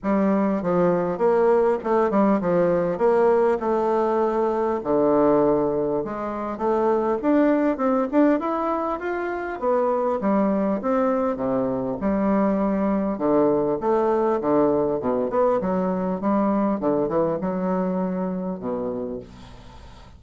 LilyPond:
\new Staff \with { instrumentName = "bassoon" } { \time 4/4 \tempo 4 = 100 g4 f4 ais4 a8 g8 | f4 ais4 a2 | d2 gis4 a4 | d'4 c'8 d'8 e'4 f'4 |
b4 g4 c'4 c4 | g2 d4 a4 | d4 b,8 b8 fis4 g4 | d8 e8 fis2 b,4 | }